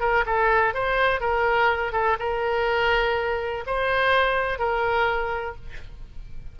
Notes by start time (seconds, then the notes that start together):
0.00 A#4
0.26 A4
0.74 C5
1.21 A#4
1.92 A4
2.19 A#4
3.66 C5
4.59 A#4